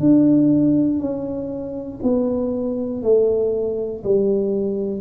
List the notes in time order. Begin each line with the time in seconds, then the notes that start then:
0.00 D4
0.99 C#4
2.02 B3
3.02 A3
4.04 G3